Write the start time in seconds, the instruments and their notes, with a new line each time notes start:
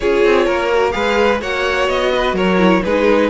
0.00 cello C#4, viola F4, violin G#4 C#5
0.24 cello C4
0.45 cello A#3, violin A#4
0.72 viola F#4
0.91 cello G#3, viola G#4, violin B4 F5
1.41 cello A#3, viola F#4, violin C#5 F#5
1.88 cello B3, violin D#5
2.14 violin B4
2.33 cello F#3, violin A#4 C#5
2.58 viola E4
2.83 cello G#3, viola D#4, violin G#4 B4